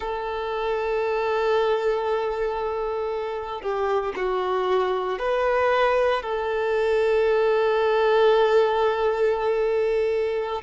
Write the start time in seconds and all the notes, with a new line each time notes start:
0.00 A4
3.61 G4
4.16 F#4
5.19 B4
6.22 A4